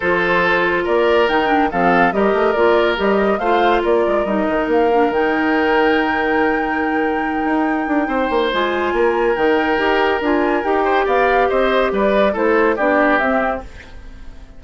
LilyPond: <<
  \new Staff \with { instrumentName = "flute" } { \time 4/4 \tempo 4 = 141 c''2 d''4 g''4 | f''4 dis''4 d''4 dis''4 | f''4 d''4 dis''4 f''4 | g''1~ |
g''1 | gis''2 g''2 | gis''4 g''4 f''4 dis''4 | d''4 c''4 d''4 e''4 | }
  \new Staff \with { instrumentName = "oboe" } { \time 4/4 a'2 ais'2 | a'4 ais'2. | c''4 ais'2.~ | ais'1~ |
ais'2. c''4~ | c''4 ais'2.~ | ais'4. c''8 d''4 c''4 | b'4 a'4 g'2 | }
  \new Staff \with { instrumentName = "clarinet" } { \time 4/4 f'2. dis'8 d'8 | c'4 g'4 f'4 g'4 | f'2 dis'4. d'8 | dis'1~ |
dis'1 | f'2 dis'4 g'4 | f'4 g'2.~ | g'4 e'4 d'4 c'4 | }
  \new Staff \with { instrumentName = "bassoon" } { \time 4/4 f2 ais4 dis4 | f4 g8 a8 ais4 g4 | a4 ais8 gis8 g8 dis8 ais4 | dis1~ |
dis4. dis'4 d'8 c'8 ais8 | gis4 ais4 dis4 dis'4 | d'4 dis'4 b4 c'4 | g4 a4 b4 c'4 | }
>>